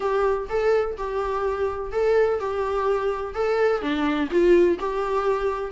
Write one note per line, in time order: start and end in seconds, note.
0.00 0.48 G4
0.49 0.97 A4
0.97 1.92 G4
1.92 2.39 A4
2.39 3.34 G4
3.34 3.81 A4
3.81 4.29 D4
4.31 4.78 F4
4.79 5.72 G4